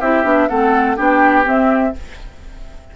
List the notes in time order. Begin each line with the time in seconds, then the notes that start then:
0.00 C4 E4 G4 E5
0.23 B3 D4
0.48 A3 C4 A4 F#5
0.96 B3 D4 G4 G5
1.44 C4 E5